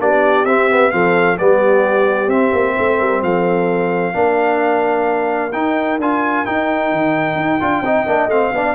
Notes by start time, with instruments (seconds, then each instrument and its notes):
0.00 tuba B3, trombone D4, horn G4, trumpet D5
0.45 tuba C4, trombone C4, trumpet E5
0.70 trombone B3
0.92 tuba F3, trombone C4, horn A4, trumpet F5
1.38 tuba G3, trombone B3, horn G4, trumpet D5
2.27 tuba C4, trombone C4, trumpet E5
2.53 tuba A#3
2.75 tuba A3, horn C5
2.99 tuba G3, horn A#4
3.23 tuba F3, horn A4, trumpet F5
4.14 tuba A#3, trombone D4, horn A#4
5.53 tuba D#4, trombone D#4, trumpet G5
6.00 tuba D4, trombone F4, trumpet G#5
6.46 trombone D#4, tuba D#4, trumpet G5
6.92 tuba D#3
7.36 tuba D#4
7.61 tuba D4, trombone F4
7.82 tuba C4, trombone D#4, horn D#5
8.07 tuba A#3, trombone D4
8.27 tuba A3, trombone C4, trumpet F5
8.53 tuba B3, trombone D4, horn D5